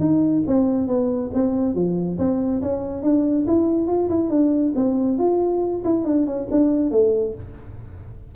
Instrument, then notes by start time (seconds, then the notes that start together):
tuba
0.00 D#4
0.47 C4
0.88 B3
1.34 C4
1.75 F3
2.18 C4
2.62 C#4
3.03 D4
3.47 E4
3.88 F4
4.09 E4
4.30 D4
4.75 C4
5.18 F4
5.84 E4
6.05 D4
6.26 C#4
6.51 D4
6.91 A3